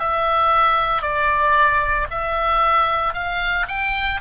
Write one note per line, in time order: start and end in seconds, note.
0.00 1.02 E5
1.02 2.08 D5
2.11 3.14 E5
3.14 3.67 F5
3.68 4.21 G5